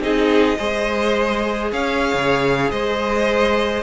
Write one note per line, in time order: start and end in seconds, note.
0.00 0.57 C4
0.00 0.58 D#4
0.00 0.58 G#4
0.00 1.72 D#5
0.58 1.72 G#3
0.58 3.83 G#4
0.58 1.71 C5
1.72 2.14 C#4
1.72 2.71 C#5
1.72 2.71 F5
2.14 2.71 C#3
2.71 3.83 G#3
2.71 3.83 C5
2.71 3.83 D#5